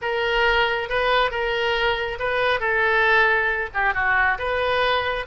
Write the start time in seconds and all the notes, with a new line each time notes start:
0.01 A#4
0.89 B4
1.30 A#4
2.19 B4
2.60 A4
3.73 G4
3.94 F#4
4.38 B4